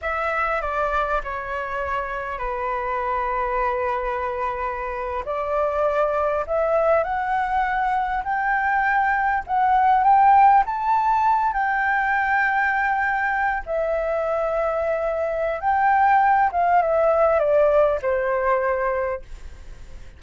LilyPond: \new Staff \with { instrumentName = "flute" } { \time 4/4 \tempo 4 = 100 e''4 d''4 cis''2 | b'1~ | b'8. d''2 e''4 fis''16~ | fis''4.~ fis''16 g''2 fis''16~ |
fis''8. g''4 a''4. g''8.~ | g''2~ g''8. e''4~ e''16~ | e''2 g''4. f''8 | e''4 d''4 c''2 | }